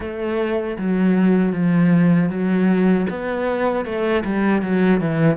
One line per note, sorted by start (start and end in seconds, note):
0.00 0.77 A3
0.77 1.52 F#3
1.52 2.29 F3
2.29 3.06 F#3
3.09 3.85 B3
3.85 4.23 A3
4.24 4.62 G3
4.62 5.00 F#3
5.00 5.36 E3